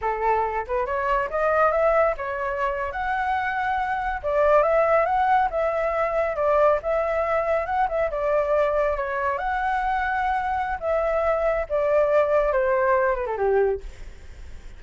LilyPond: \new Staff \with { instrumentName = "flute" } { \time 4/4 \tempo 4 = 139 a'4. b'8 cis''4 dis''4 | e''4 cis''4.~ cis''16 fis''4~ fis''16~ | fis''4.~ fis''16 d''4 e''4 fis''16~ | fis''8. e''2 d''4 e''16~ |
e''4.~ e''16 fis''8 e''8 d''4~ d''16~ | d''8. cis''4 fis''2~ fis''16~ | fis''4 e''2 d''4~ | d''4 c''4. b'16 a'16 g'4 | }